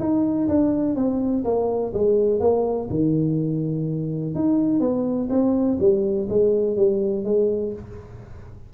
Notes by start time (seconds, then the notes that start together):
0.00 D#4
0.49 D4
0.96 C4
1.45 A#3
1.94 G#3
2.41 A#3
2.91 D#3
4.35 D#4
4.81 B3
5.30 C4
5.80 G3
6.30 G#3
6.77 G3
7.25 G#3